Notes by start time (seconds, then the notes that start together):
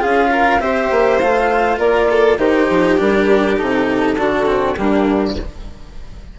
0.00 C#4 F4 G#4 F5
0.32 A#4
0.60 C4 G4 C5 E5
0.92 A#3
1.19 A3 F4 F5
1.79 A#3 A#4 D5
2.11 A4
2.38 D#3 D#4 G4 C5
2.71 F3
2.98 G3 D4 A#4
3.58 C3 D#4 A4
4.17 D3 D4 F#4
4.46 C4
4.76 G3 A#3 D4 G4